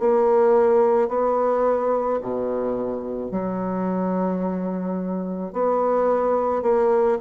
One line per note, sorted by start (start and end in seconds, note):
0.00 1.09 A#3
1.09 2.20 B3
2.22 3.32 B2
3.32 5.54 F#3
5.54 6.63 B3
6.63 7.18 A#3